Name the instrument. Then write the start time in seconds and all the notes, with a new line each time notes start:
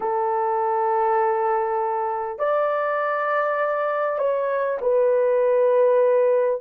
horn
0.00 A4
2.38 D5
4.18 C#5
4.81 B4